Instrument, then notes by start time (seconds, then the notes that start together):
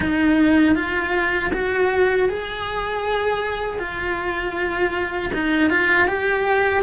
cello
0.00 D#4
0.75 F4
1.53 F#4
2.29 G#4
3.79 F4
5.33 D#4
5.70 F4
6.07 G4